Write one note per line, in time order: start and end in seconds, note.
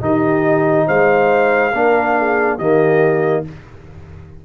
0.00 0.86 D#3
0.00 1.71 D#4
0.00 0.86 G4
0.00 0.87 D#5
0.86 1.72 G#3
0.86 1.71 C5
0.86 2.58 F5
1.71 2.58 A#3
1.71 2.59 D4
1.71 2.14 A#4
2.17 2.57 G#4
2.57 3.44 D#3
2.57 3.45 A#3
2.57 3.42 G4
2.57 3.44 D#5